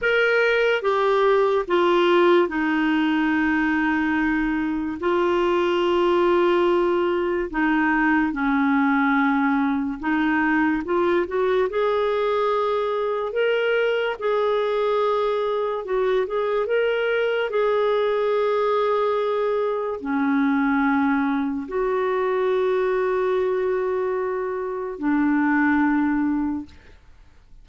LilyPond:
\new Staff \with { instrumentName = "clarinet" } { \time 4/4 \tempo 4 = 72 ais'4 g'4 f'4 dis'4~ | dis'2 f'2~ | f'4 dis'4 cis'2 | dis'4 f'8 fis'8 gis'2 |
ais'4 gis'2 fis'8 gis'8 | ais'4 gis'2. | cis'2 fis'2~ | fis'2 d'2 | }